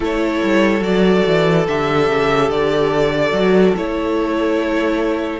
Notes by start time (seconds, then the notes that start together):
0.00 A3 E4 A4 C#5
0.43 G3
0.80 F#3 F#4 D5
1.27 E3
1.67 D3 G4 E5
2.09 C#3
2.50 D3 D5
3.32 F#3 F#4
3.76 A3 E4 C#5